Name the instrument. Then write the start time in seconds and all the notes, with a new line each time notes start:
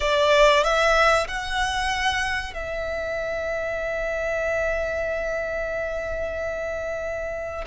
violin
0.00 D5
0.63 E5
1.27 F#5
2.53 E5